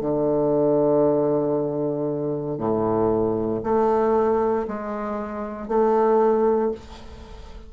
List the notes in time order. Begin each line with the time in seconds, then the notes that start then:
0.00 D3
2.58 A2
3.63 A3
4.67 G#3
5.68 A3